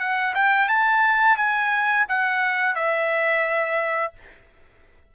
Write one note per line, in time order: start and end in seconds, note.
0.00 0.34 F#5
0.35 0.69 G5
0.69 1.37 A5
1.37 2.06 G#5
2.09 2.76 F#5
2.76 4.14 E5